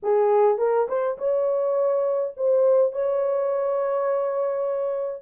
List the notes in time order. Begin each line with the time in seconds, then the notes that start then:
0.02 G#4
0.57 A#4
0.88 C5
1.18 C#5
2.36 C5
2.92 C#5